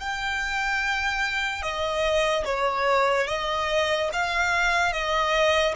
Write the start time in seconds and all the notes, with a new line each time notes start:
0.00 G5
1.62 D#5
2.45 C#5
3.27 D#5
4.12 F5
4.92 D#5